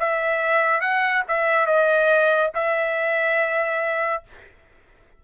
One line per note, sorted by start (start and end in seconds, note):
0.00 0.81 E5
0.81 1.23 F#5
1.28 1.67 E5
1.67 2.51 D#5
2.55 4.24 E5